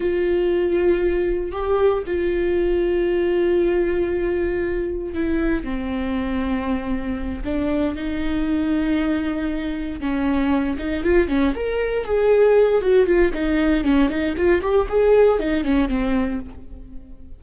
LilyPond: \new Staff \with { instrumentName = "viola" } { \time 4/4 \tempo 4 = 117 f'2. g'4 | f'1~ | f'2 e'4 c'4~ | c'2~ c'8 d'4 dis'8~ |
dis'2.~ dis'8 cis'8~ | cis'4 dis'8 f'8 cis'8 ais'4 gis'8~ | gis'4 fis'8 f'8 dis'4 cis'8 dis'8 | f'8 g'8 gis'4 dis'8 cis'8 c'4 | }